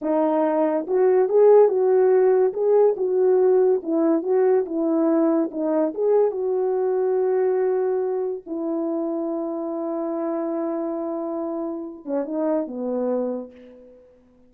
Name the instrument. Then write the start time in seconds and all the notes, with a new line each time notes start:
horn
0.01 D#4
0.87 F#4
1.28 G#4
1.68 F#4
2.53 G#4
2.96 F#4
3.82 E4
4.22 F#4
4.65 E4
5.51 D#4
5.94 G#4
6.31 F#4
8.46 E4
12.05 C#4
12.25 D#4
12.67 B3